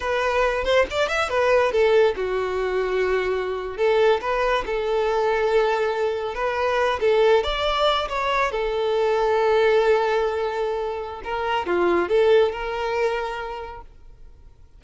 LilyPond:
\new Staff \with { instrumentName = "violin" } { \time 4/4 \tempo 4 = 139 b'4. c''8 d''8 e''8 b'4 | a'4 fis'2.~ | fis'8. a'4 b'4 a'4~ a'16~ | a'2~ a'8. b'4~ b'16~ |
b'16 a'4 d''4. cis''4 a'16~ | a'1~ | a'2 ais'4 f'4 | a'4 ais'2. | }